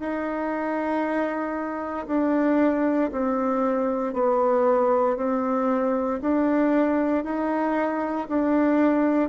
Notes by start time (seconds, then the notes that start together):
0.00 D#4
2.07 D4
3.12 C4
4.14 B3
5.17 C4
6.22 D4
7.25 D#4
8.29 D4